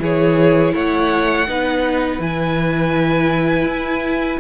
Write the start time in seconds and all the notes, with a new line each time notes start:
0.00 E3 E4 G#4 C#5
0.75 A3 C#5 F#5
1.48 B3 D#4 B4
2.20 E3 E4 G#5
3.65 E4